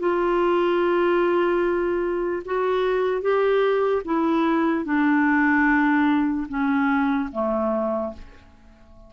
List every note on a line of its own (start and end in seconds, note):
0.00 2.43 F4
2.45 3.22 F#4
3.22 4.03 G4
4.05 4.85 E4
4.85 6.47 D4
6.49 7.30 C#4
7.32 8.13 A3